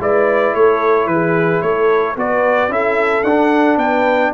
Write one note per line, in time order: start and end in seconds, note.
0.00 0.54 G#3
0.00 2.17 E4
0.00 0.56 B4
0.00 0.55 D5
0.54 1.06 A3
0.54 1.10 A4
0.54 1.08 C#5
1.06 1.60 E3
1.06 1.65 G#4
1.06 1.62 B4
1.62 2.16 A3
1.62 2.19 A4
1.62 2.16 C#5
2.16 2.69 B3
2.16 2.70 F#4
2.16 2.73 B4
2.16 2.73 D5
2.69 3.23 C#4
2.69 3.24 E4
2.69 3.79 A4
2.69 3.24 E5
3.24 3.77 D4
3.24 4.34 D4
3.24 3.78 F#5
3.77 4.32 B3
3.77 4.33 B4
3.77 4.33 G5